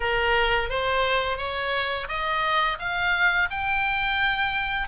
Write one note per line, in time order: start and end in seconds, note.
0.00 0.69 A#4
0.69 1.37 C5
1.37 2.07 C#5
2.08 2.78 D#5
2.79 3.49 F5
3.50 4.88 G5